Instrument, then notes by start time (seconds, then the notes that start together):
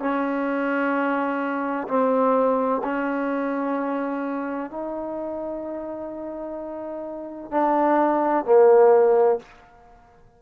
trombone
0.00 C#4
1.88 C4
2.84 C#4
4.71 D#4
7.51 D4
8.45 A#3